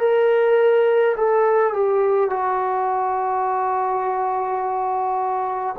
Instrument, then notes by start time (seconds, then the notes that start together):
trombone
0.00 A#4
1.16 A4
1.73 G4
2.30 F#4